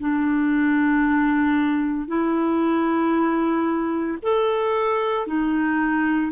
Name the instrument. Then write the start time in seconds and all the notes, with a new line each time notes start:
clarinet
0.00 D4
2.08 E4
4.22 A4
5.27 D#4